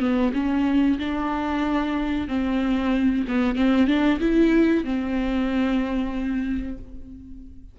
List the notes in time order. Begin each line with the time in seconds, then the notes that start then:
0.00 B3
0.34 C#4
0.99 D4
2.28 C4
3.28 B3
3.55 C4
3.87 D4
4.20 E4
4.84 C4